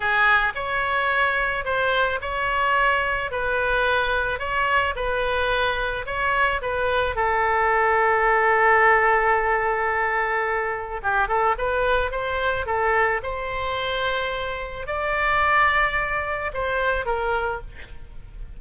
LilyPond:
\new Staff \with { instrumentName = "oboe" } { \time 4/4 \tempo 4 = 109 gis'4 cis''2 c''4 | cis''2 b'2 | cis''4 b'2 cis''4 | b'4 a'2.~ |
a'1 | g'8 a'8 b'4 c''4 a'4 | c''2. d''4~ | d''2 c''4 ais'4 | }